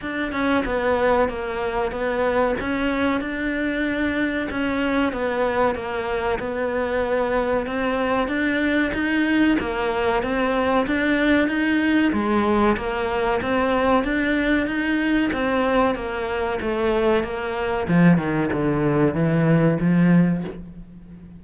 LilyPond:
\new Staff \with { instrumentName = "cello" } { \time 4/4 \tempo 4 = 94 d'8 cis'8 b4 ais4 b4 | cis'4 d'2 cis'4 | b4 ais4 b2 | c'4 d'4 dis'4 ais4 |
c'4 d'4 dis'4 gis4 | ais4 c'4 d'4 dis'4 | c'4 ais4 a4 ais4 | f8 dis8 d4 e4 f4 | }